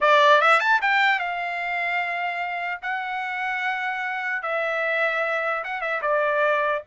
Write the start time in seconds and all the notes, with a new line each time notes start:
0.00 D5
0.41 E5
0.59 A5
0.81 G5
1.19 F5
2.82 F#5
4.42 E5
5.64 F#5
5.81 E5
6.01 D5